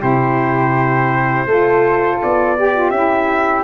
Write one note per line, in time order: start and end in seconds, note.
0.00 1.46 C3
0.00 1.47 E4
0.00 1.46 G4
0.00 2.22 C5
1.46 2.20 A3
1.46 2.57 F4
1.46 2.57 A4
2.22 2.91 B3
2.22 2.90 D5
2.57 2.74 G4
2.57 3.64 G4
2.74 2.93 F4
2.90 3.64 C#4
2.90 3.64 E4
2.90 3.63 E5